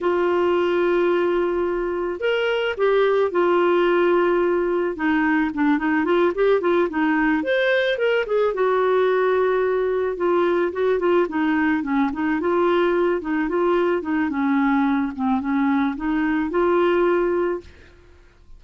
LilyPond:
\new Staff \with { instrumentName = "clarinet" } { \time 4/4 \tempo 4 = 109 f'1 | ais'4 g'4 f'2~ | f'4 dis'4 d'8 dis'8 f'8 g'8 | f'8 dis'4 c''4 ais'8 gis'8 fis'8~ |
fis'2~ fis'8 f'4 fis'8 | f'8 dis'4 cis'8 dis'8 f'4. | dis'8 f'4 dis'8 cis'4. c'8 | cis'4 dis'4 f'2 | }